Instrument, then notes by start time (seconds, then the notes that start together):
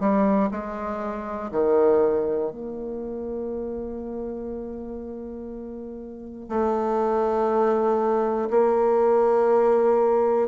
bassoon
0.00 G3
0.51 G#3
1.51 D#3
2.51 A#3
6.50 A3
8.50 A#3